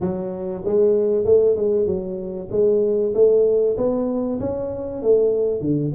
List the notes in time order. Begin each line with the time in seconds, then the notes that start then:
0.00 F#3
0.64 G#3
1.24 A3
1.55 G#3
1.86 F#3
2.51 G#3
3.14 A3
3.77 B3
4.39 C#4
5.02 A3
5.60 D3